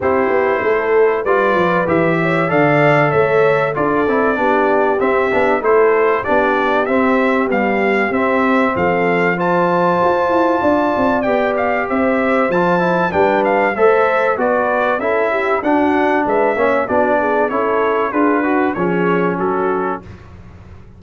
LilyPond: <<
  \new Staff \with { instrumentName = "trumpet" } { \time 4/4 \tempo 4 = 96 c''2 d''4 e''4 | f''4 e''4 d''2 | e''4 c''4 d''4 e''4 | f''4 e''4 f''4 a''4~ |
a''2 g''8 f''8 e''4 | a''4 g''8 f''8 e''4 d''4 | e''4 fis''4 e''4 d''4 | cis''4 b'4 cis''4 a'4 | }
  \new Staff \with { instrumentName = "horn" } { \time 4/4 g'4 a'4 b'4. cis''8 | d''4 cis''4 a'4 g'4~ | g'4 a'4 g'2~ | g'2 a'4 c''4~ |
c''4 d''2 c''4~ | c''4 b'4 c''4 b'4 | a'8 g'8 fis'4 b'8 cis''8 fis'8 gis'8 | a'4 gis'8 fis'8 gis'4 fis'4 | }
  \new Staff \with { instrumentName = "trombone" } { \time 4/4 e'2 f'4 g'4 | a'2 f'8 e'8 d'4 | c'8 d'8 e'4 d'4 c'4 | g4 c'2 f'4~ |
f'2 g'2 | f'8 e'8 d'4 a'4 fis'4 | e'4 d'4. cis'8 d'4 | e'4 f'8 fis'8 cis'2 | }
  \new Staff \with { instrumentName = "tuba" } { \time 4/4 c'8 b8 a4 g8 f8 e4 | d4 a4 d'8 c'8 b4 | c'8 b8 a4 b4 c'4 | b4 c'4 f2 |
f'8 e'8 d'8 c'8 b4 c'4 | f4 g4 a4 b4 | cis'4 d'4 gis8 ais8 b4 | cis'4 d'4 f4 fis4 | }
>>